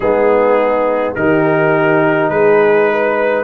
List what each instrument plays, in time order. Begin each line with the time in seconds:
0.00 tuba G#3, trombone B3, horn D#4, trumpet G#4
1.15 tuba D#3, trombone D#4, horn G4, trumpet A#4
2.29 tuba G#3, horn G#4, trumpet B4
2.90 horn B4